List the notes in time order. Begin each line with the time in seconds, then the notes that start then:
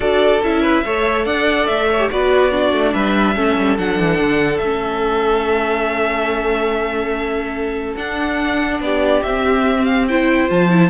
0.00 D4 F#4 A4 D5
0.42 C#4 E4 E5
0.62 B4
0.85 A3 A4 C#5
1.25 D4 D5 F#5
1.66 A3 E5
1.90 C#5
1.99 G4
2.10 B3 F#4 B4 D5
2.51 D4 F#4
2.72 A3
2.93 G3 B4 E5
3.35 A3 C#4 A4
3.57 G3
3.77 F#3 D4 F#5
3.99 E3
4.18 D3
4.57 A3 E5
4.64 C#4
7.96 D4 F#5
8.80 B3 G4 D5
9.23 C4 E5
9.84 F5
10.08 E4 C5 G5
10.48 F3 F4 A5
10.70 E4